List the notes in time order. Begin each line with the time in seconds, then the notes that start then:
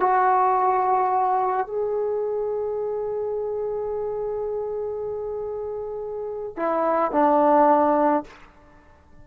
0.00 F#4
1.67 G#4
6.56 E4
7.12 D4